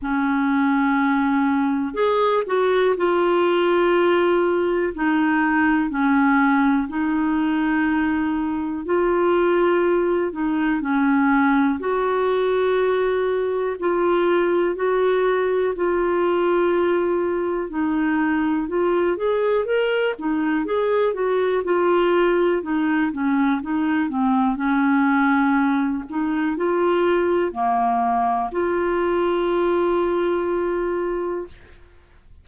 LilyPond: \new Staff \with { instrumentName = "clarinet" } { \time 4/4 \tempo 4 = 61 cis'2 gis'8 fis'8 f'4~ | f'4 dis'4 cis'4 dis'4~ | dis'4 f'4. dis'8 cis'4 | fis'2 f'4 fis'4 |
f'2 dis'4 f'8 gis'8 | ais'8 dis'8 gis'8 fis'8 f'4 dis'8 cis'8 | dis'8 c'8 cis'4. dis'8 f'4 | ais4 f'2. | }